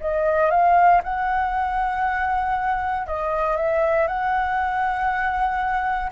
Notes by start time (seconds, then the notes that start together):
0.00 D#5
0.51 F5
1.04 F#5
3.07 D#5
3.56 E5
4.07 F#5